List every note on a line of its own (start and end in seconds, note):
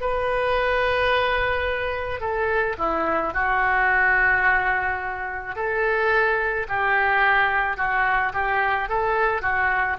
0.00 2.20 B4
2.20 2.76 A4
2.78 3.33 E4
3.33 5.56 F#4
5.56 6.67 A4
6.68 7.77 G4
7.77 8.32 F#4
8.33 8.89 G4
8.89 9.41 A4
9.41 9.97 F#4